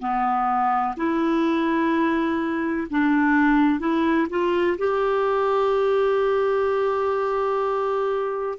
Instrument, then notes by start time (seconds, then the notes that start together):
clarinet
0.00 B3
0.97 E4
2.91 D4
3.80 E4
4.30 F4
4.78 G4